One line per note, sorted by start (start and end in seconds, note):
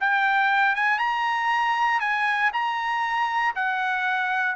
0.00 0.75 G5
0.75 0.98 G#5
0.98 2.00 A#5
2.00 2.51 G#5
2.53 3.55 A#5
3.55 4.55 F#5